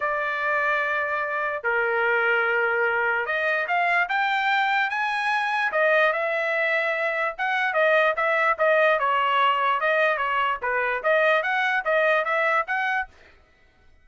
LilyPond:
\new Staff \with { instrumentName = "trumpet" } { \time 4/4 \tempo 4 = 147 d''1 | ais'1 | dis''4 f''4 g''2 | gis''2 dis''4 e''4~ |
e''2 fis''4 dis''4 | e''4 dis''4 cis''2 | dis''4 cis''4 b'4 dis''4 | fis''4 dis''4 e''4 fis''4 | }